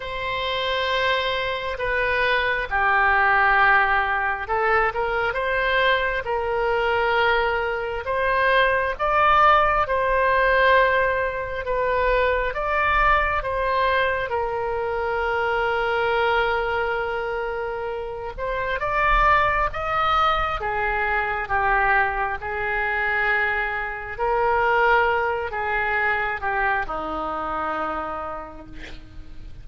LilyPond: \new Staff \with { instrumentName = "oboe" } { \time 4/4 \tempo 4 = 67 c''2 b'4 g'4~ | g'4 a'8 ais'8 c''4 ais'4~ | ais'4 c''4 d''4 c''4~ | c''4 b'4 d''4 c''4 |
ais'1~ | ais'8 c''8 d''4 dis''4 gis'4 | g'4 gis'2 ais'4~ | ais'8 gis'4 g'8 dis'2 | }